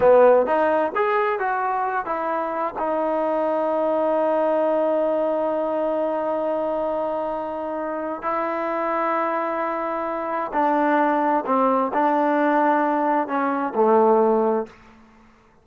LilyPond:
\new Staff \with { instrumentName = "trombone" } { \time 4/4 \tempo 4 = 131 b4 dis'4 gis'4 fis'4~ | fis'8 e'4. dis'2~ | dis'1~ | dis'1~ |
dis'2 e'2~ | e'2. d'4~ | d'4 c'4 d'2~ | d'4 cis'4 a2 | }